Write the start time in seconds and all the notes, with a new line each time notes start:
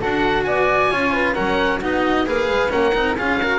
0.00 D4 F#4 A4 F#5
0.44 B3 D5 G#5
0.91 C#4 F4 C#5
1.14 B4
1.34 F#3 C#4 A#4 F#5
1.80 B3 D#4 F#4 D#5
2.26 A#3 G#4 B4 F5
2.49 G#3
2.70 A#3 C#4 A#4 F#5
2.95 C4 D#4
3.16 C#4 F4 G#4 F5
3.41 F#4 A#4